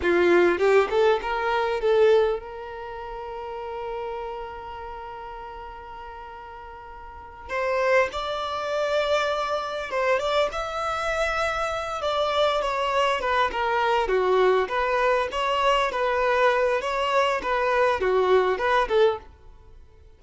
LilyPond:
\new Staff \with { instrumentName = "violin" } { \time 4/4 \tempo 4 = 100 f'4 g'8 a'8 ais'4 a'4 | ais'1~ | ais'1~ | ais'8 c''4 d''2~ d''8~ |
d''8 c''8 d''8 e''2~ e''8 | d''4 cis''4 b'8 ais'4 fis'8~ | fis'8 b'4 cis''4 b'4. | cis''4 b'4 fis'4 b'8 a'8 | }